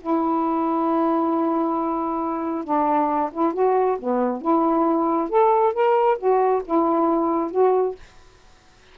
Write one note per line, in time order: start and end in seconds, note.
0.00 2.64 E4
2.64 3.30 D4
3.32 3.53 E4
3.53 3.97 F#4
3.99 4.41 B3
4.41 5.29 E4
5.29 5.73 A4
5.73 6.17 A#4
6.18 6.62 F#4
6.65 7.51 E4
7.51 7.95 F#4